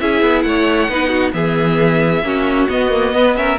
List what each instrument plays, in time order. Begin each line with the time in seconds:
0.00 cello C#4, viola E4, violin G#4 E5
0.22 cello B3
0.42 cello A3, violin C#5 F#5
0.88 cello B3, viola D#4, violin B4
1.08 violin F#4
1.32 cello E3, viola B3, violin G#4 E5
2.22 cello A#3, viola C#4, violin F#4
2.68 viola B3, cello B3, violin D#5
2.90 viola A#3
3.12 viola B3, violin B4
3.35 viola C#4, violin A#4 E5